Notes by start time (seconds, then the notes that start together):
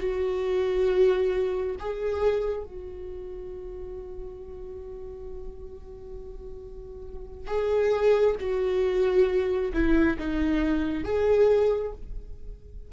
0.00 F#4
1.80 G#4
2.64 F#4
7.48 G#4
8.41 F#4
9.74 E4
10.19 D#4
11.04 G#4